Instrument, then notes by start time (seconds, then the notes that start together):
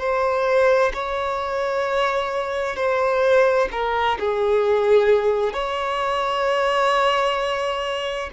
violin
0.00 C5
0.94 C#5
2.77 C5
3.72 A#4
4.20 G#4
5.54 C#5